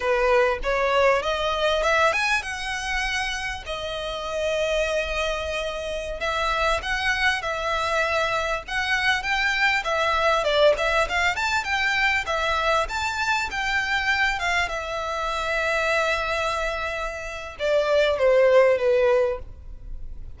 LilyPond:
\new Staff \with { instrumentName = "violin" } { \time 4/4 \tempo 4 = 99 b'4 cis''4 dis''4 e''8 gis''8 | fis''2 dis''2~ | dis''2~ dis''16 e''4 fis''8.~ | fis''16 e''2 fis''4 g''8.~ |
g''16 e''4 d''8 e''8 f''8 a''8 g''8.~ | g''16 e''4 a''4 g''4. f''16~ | f''16 e''2.~ e''8.~ | e''4 d''4 c''4 b'4 | }